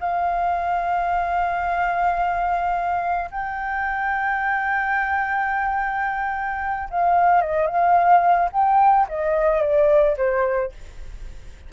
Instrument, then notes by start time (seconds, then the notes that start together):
flute
0.00 F5
3.31 G5
6.90 F5
7.41 D#5
7.67 F5
8.52 G5
9.09 D#5
9.62 D5
10.17 C5